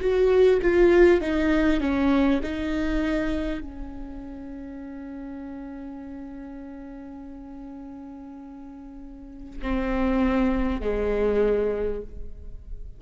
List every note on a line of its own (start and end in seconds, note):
0.00 0.60 F#4
0.62 1.21 F4
1.21 1.80 D#4
1.80 2.40 C#4
2.42 3.61 D#4
3.61 9.61 C#4
9.61 10.81 C4
10.81 12.01 G#3